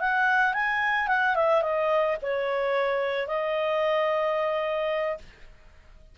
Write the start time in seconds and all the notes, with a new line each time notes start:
0.00 F#5
0.53 G#5
1.08 F#5
1.35 E5
1.62 D#5
2.22 C#5
3.27 D#5